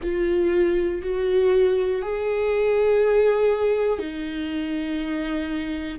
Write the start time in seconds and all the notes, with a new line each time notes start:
0.02 F4
1.02 F#4
2.02 G#4
3.98 D#4